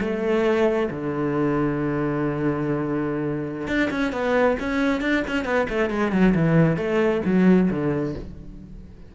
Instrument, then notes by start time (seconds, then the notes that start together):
cello
0.00 A3
0.90 D3
3.67 D4
3.90 C#4
4.12 B3
4.59 C#4
5.01 D4
5.27 C#4
5.44 B3
5.69 A3
5.90 G#3
6.12 F#3
6.35 E3
6.77 A3
7.25 F#3
7.70 D3